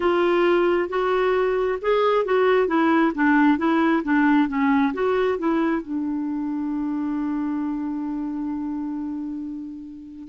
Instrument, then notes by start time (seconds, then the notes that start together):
clarinet
0.00 F4
0.89 F#4
1.81 G#4
2.25 F#4
2.67 E4
3.14 D4
3.58 E4
4.03 D4
4.48 C#4
4.93 F#4
5.38 E4
5.81 D4